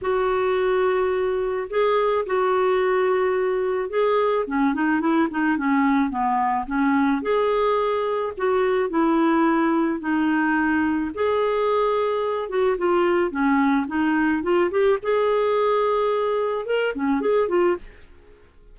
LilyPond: \new Staff \with { instrumentName = "clarinet" } { \time 4/4 \tempo 4 = 108 fis'2. gis'4 | fis'2. gis'4 | cis'8 dis'8 e'8 dis'8 cis'4 b4 | cis'4 gis'2 fis'4 |
e'2 dis'2 | gis'2~ gis'8 fis'8 f'4 | cis'4 dis'4 f'8 g'8 gis'4~ | gis'2 ais'8 cis'8 gis'8 f'8 | }